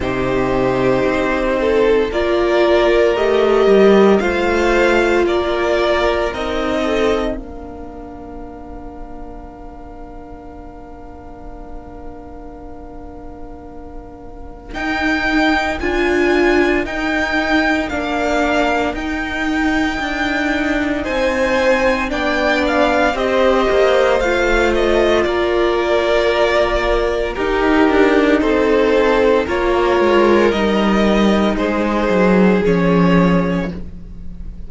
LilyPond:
<<
  \new Staff \with { instrumentName = "violin" } { \time 4/4 \tempo 4 = 57 c''2 d''4 dis''4 | f''4 d''4 dis''4 f''4~ | f''1~ | f''2 g''4 gis''4 |
g''4 f''4 g''2 | gis''4 g''8 f''8 dis''4 f''8 dis''8 | d''2 ais'4 c''4 | cis''4 dis''4 c''4 cis''4 | }
  \new Staff \with { instrumentName = "violin" } { \time 4/4 g'4. a'8 ais'2 | c''4 ais'4. a'8 ais'4~ | ais'1~ | ais'1~ |
ais'1 | c''4 d''4 c''2 | ais'2 g'4 a'4 | ais'2 gis'2 | }
  \new Staff \with { instrumentName = "viola" } { \time 4/4 dis'2 f'4 g'4 | f'2 dis'4 d'4~ | d'1~ | d'2 dis'4 f'4 |
dis'4 d'4 dis'2~ | dis'4 d'4 g'4 f'4~ | f'2 dis'2 | f'4 dis'2 cis'4 | }
  \new Staff \with { instrumentName = "cello" } { \time 4/4 c4 c'4 ais4 a8 g8 | a4 ais4 c'4 ais4~ | ais1~ | ais2 dis'4 d'4 |
dis'4 ais4 dis'4 d'4 | c'4 b4 c'8 ais8 a4 | ais2 dis'8 d'8 c'4 | ais8 gis8 g4 gis8 fis8 f4 | }
>>